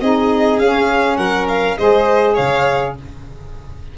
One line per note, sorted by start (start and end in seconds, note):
0.00 0.59 C4
0.00 0.61 D#4
0.00 1.17 G#4
0.00 0.59 D#5
0.59 1.17 C#4
0.59 1.78 C#4
0.59 1.16 F5
1.16 1.76 F#3
1.16 1.77 A#4
1.16 1.46 F#5
1.48 1.77 F5
1.77 2.38 G#3
1.77 2.97 G#4
1.77 2.34 C5
1.77 2.36 D#5
2.34 2.97 C#3
2.34 2.93 C#5
2.34 2.95 F5